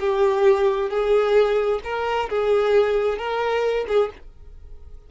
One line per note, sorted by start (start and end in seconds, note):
0.00 0.90 G4
0.90 1.80 G#4
1.84 2.29 A#4
2.30 3.18 G#4
3.18 3.86 A#4
3.88 4.11 G#4